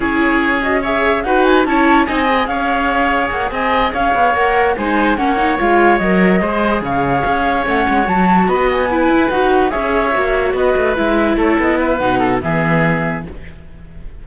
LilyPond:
<<
  \new Staff \with { instrumentName = "flute" } { \time 4/4 \tempo 4 = 145 cis''4. dis''8 e''4 fis''8 gis''8 | a''4 gis''4 f''2 | fis''8 gis''4 f''4 fis''4 gis''8~ | gis''8 fis''4 f''4 dis''4.~ |
dis''8 f''2 fis''4 a''8~ | a''8 b''8 gis''4. fis''4 e''8~ | e''4. dis''4 e''4 cis''8 | dis''8 e''8 fis''4 e''2 | }
  \new Staff \with { instrumentName = "oboe" } { \time 4/4 gis'2 cis''4 b'4 | cis''4 dis''4 cis''2~ | cis''8 dis''4 cis''2 c''8~ | c''8 cis''2. c''8~ |
c''8 cis''2.~ cis''8~ | cis''8 dis''4 b'2 cis''8~ | cis''4. b'2 a'8~ | a'8 b'4 a'8 gis'2 | }
  \new Staff \with { instrumentName = "viola" } { \time 4/4 e'4. fis'8 gis'4 fis'4 | e'4 dis'8 gis'2~ gis'8~ | gis'2~ gis'8 ais'4 dis'8~ | dis'8 cis'8 dis'8 f'4 ais'4 gis'8~ |
gis'2~ gis'8 cis'4 fis'8~ | fis'4. e'4 fis'4 gis'8~ | gis'8 fis'2 e'4.~ | e'4 dis'4 b2 | }
  \new Staff \with { instrumentName = "cello" } { \time 4/4 cis'2. dis'4 | cis'4 c'4 cis'2 | ais8 c'4 cis'8 b8 ais4 gis8~ | gis8 ais4 gis4 fis4 gis8~ |
gis8 cis4 cis'4 a8 gis8 fis8~ | fis8 b4. e'8 dis'4 cis'8~ | cis'8 ais4 b8 a8 gis4 a8 | b4 b,4 e2 | }
>>